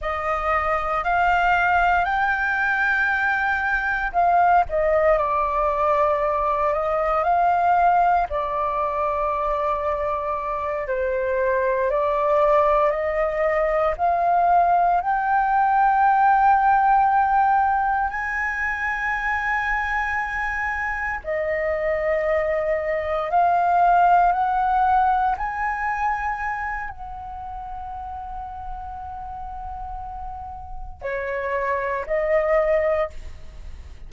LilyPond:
\new Staff \with { instrumentName = "flute" } { \time 4/4 \tempo 4 = 58 dis''4 f''4 g''2 | f''8 dis''8 d''4. dis''8 f''4 | d''2~ d''8 c''4 d''8~ | d''8 dis''4 f''4 g''4.~ |
g''4. gis''2~ gis''8~ | gis''8 dis''2 f''4 fis''8~ | fis''8 gis''4. fis''2~ | fis''2 cis''4 dis''4 | }